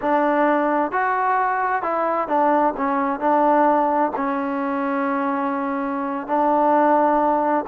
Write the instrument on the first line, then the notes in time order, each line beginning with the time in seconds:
trombone
0.01 D4
0.91 F#4
1.82 E4
2.28 D4
2.76 C#4
3.20 D4
4.16 C#4
6.27 D4